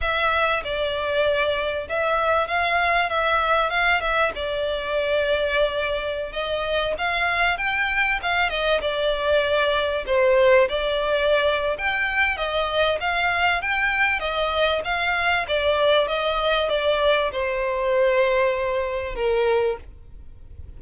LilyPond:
\new Staff \with { instrumentName = "violin" } { \time 4/4 \tempo 4 = 97 e''4 d''2 e''4 | f''4 e''4 f''8 e''8 d''4~ | d''2~ d''16 dis''4 f''8.~ | f''16 g''4 f''8 dis''8 d''4.~ d''16~ |
d''16 c''4 d''4.~ d''16 g''4 | dis''4 f''4 g''4 dis''4 | f''4 d''4 dis''4 d''4 | c''2. ais'4 | }